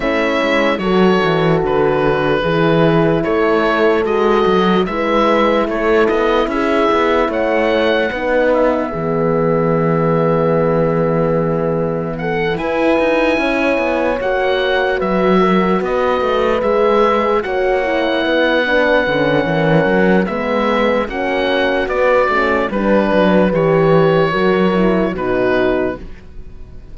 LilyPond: <<
  \new Staff \with { instrumentName = "oboe" } { \time 4/4 \tempo 4 = 74 e''4 cis''4 b'2 | cis''4 dis''4 e''4 cis''8 dis''8 | e''4 fis''4. e''4.~ | e''2. fis''8 gis''8~ |
gis''4. fis''4 e''4 dis''8~ | dis''8 e''4 fis''2~ fis''8~ | fis''4 e''4 fis''4 d''4 | b'4 cis''2 b'4 | }
  \new Staff \with { instrumentName = "horn" } { \time 4/4 e'4 a'2 gis'4 | a'2 b'4 a'4 | gis'4 cis''4 b'4 gis'4~ | gis'2. a'8 b'8~ |
b'8 cis''2 b'8 ais'8 b'8~ | b'4. cis''4 b'4. | ais'4 b'4 fis'2 | b'2 ais'4 fis'4 | }
  \new Staff \with { instrumentName = "horn" } { \time 4/4 cis'4 fis'2 e'4~ | e'4 fis'4 e'2~ | e'2 dis'4 b4~ | b2.~ b8 e'8~ |
e'4. fis'2~ fis'8~ | fis'8 gis'4 fis'8 e'4 d'8 cis'8~ | cis'4 b4 cis'4 b8 cis'8 | d'4 g'4 fis'8 e'8 dis'4 | }
  \new Staff \with { instrumentName = "cello" } { \time 4/4 a8 gis8 fis8 e8 d4 e4 | a4 gis8 fis8 gis4 a8 b8 | cis'8 b8 a4 b4 e4~ | e2.~ e8 e'8 |
dis'8 cis'8 b8 ais4 fis4 b8 | a8 gis4 ais4 b4 d8 | e8 fis8 gis4 ais4 b8 a8 | g8 fis8 e4 fis4 b,4 | }
>>